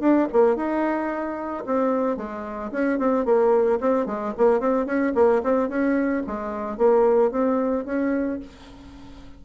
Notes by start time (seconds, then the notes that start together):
0.00 D4
0.32 A#3
0.56 D#4
1.66 C4
2.17 G#3
2.72 C#4
2.99 C4
3.25 A#3
3.81 C4
4.06 G#3
4.38 A#3
4.60 C4
4.86 C#4
5.15 A#3
5.43 C4
5.69 C#4
6.27 G#3
6.78 A#3
7.31 C4
7.85 C#4